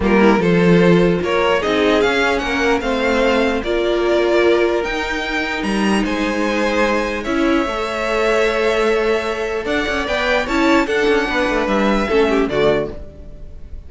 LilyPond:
<<
  \new Staff \with { instrumentName = "violin" } { \time 4/4 \tempo 4 = 149 ais'4 c''2 cis''4 | dis''4 f''4 fis''4 f''4~ | f''4 d''2. | g''2 ais''4 gis''4~ |
gis''2 e''2~ | e''1 | fis''4 g''4 a''4 fis''4~ | fis''4 e''2 d''4 | }
  \new Staff \with { instrumentName = "violin" } { \time 4/4 f'8 e'8 a'2 ais'4 | gis'2 ais'4 c''4~ | c''4 ais'2.~ | ais'2. c''4~ |
c''2 cis''2~ | cis''1 | d''2 cis''4 a'4 | b'2 a'8 g'8 fis'4 | }
  \new Staff \with { instrumentName = "viola" } { \time 4/4 ais4 f'2. | dis'4 cis'2 c'4~ | c'4 f'2. | dis'1~ |
dis'2 e'4 a'4~ | a'1~ | a'4 b'4 e'4 d'4~ | d'2 cis'4 a4 | }
  \new Staff \with { instrumentName = "cello" } { \time 4/4 g4 f2 ais4 | c'4 cis'4 ais4 a4~ | a4 ais2. | dis'2 g4 gis4~ |
gis2 cis'4 a4~ | a1 | d'8 cis'8 b4 cis'4 d'8 cis'8 | b8 a8 g4 a4 d4 | }
>>